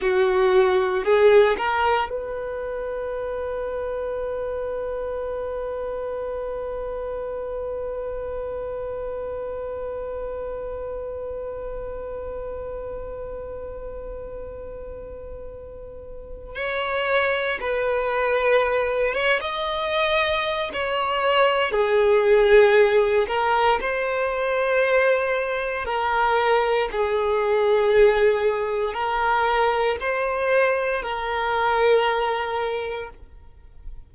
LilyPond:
\new Staff \with { instrumentName = "violin" } { \time 4/4 \tempo 4 = 58 fis'4 gis'8 ais'8 b'2~ | b'1~ | b'1~ | b'1 |
cis''4 b'4. cis''16 dis''4~ dis''16 | cis''4 gis'4. ais'8 c''4~ | c''4 ais'4 gis'2 | ais'4 c''4 ais'2 | }